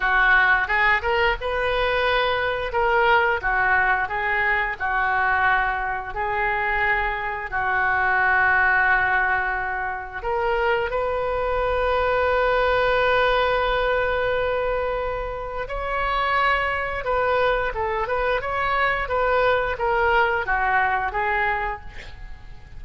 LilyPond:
\new Staff \with { instrumentName = "oboe" } { \time 4/4 \tempo 4 = 88 fis'4 gis'8 ais'8 b'2 | ais'4 fis'4 gis'4 fis'4~ | fis'4 gis'2 fis'4~ | fis'2. ais'4 |
b'1~ | b'2. cis''4~ | cis''4 b'4 a'8 b'8 cis''4 | b'4 ais'4 fis'4 gis'4 | }